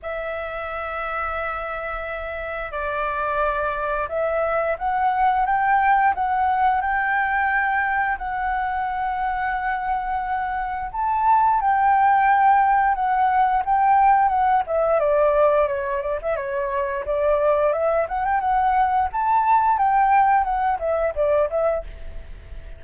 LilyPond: \new Staff \with { instrumentName = "flute" } { \time 4/4 \tempo 4 = 88 e''1 | d''2 e''4 fis''4 | g''4 fis''4 g''2 | fis''1 |
a''4 g''2 fis''4 | g''4 fis''8 e''8 d''4 cis''8 d''16 e''16 | cis''4 d''4 e''8 fis''16 g''16 fis''4 | a''4 g''4 fis''8 e''8 d''8 e''8 | }